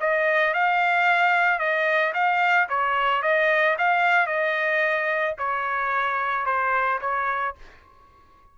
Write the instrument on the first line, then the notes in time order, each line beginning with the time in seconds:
trumpet
0.00 D#5
0.53 F5
1.58 D#5
2.13 F5
2.69 C#5
3.22 D#5
3.78 F5
4.27 D#5
5.38 C#5
6.45 C5
7.00 C#5